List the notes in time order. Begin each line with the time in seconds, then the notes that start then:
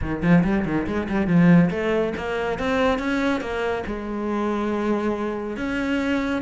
0.01 D#3
0.22 F3
0.43 G3
0.65 D#3
0.86 G#3
1.09 G3
1.27 F3
1.70 A3
2.16 A#3
2.58 C4
2.98 C#4
3.40 A#3
3.86 G#3
5.56 C#4